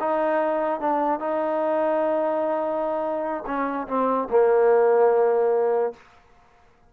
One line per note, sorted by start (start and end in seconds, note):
0.00 0.81 D#4
0.81 1.20 D4
1.20 3.44 D#4
3.47 3.88 C#4
3.88 4.29 C4
4.30 5.93 A#3